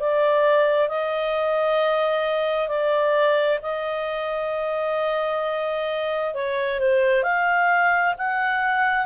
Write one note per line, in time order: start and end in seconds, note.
0.00 0.89 D5
0.89 2.69 D#5
2.69 3.60 D5
3.63 6.35 D#5
6.35 6.80 C#5
6.80 7.24 C5
7.24 8.14 F5
8.18 9.06 F#5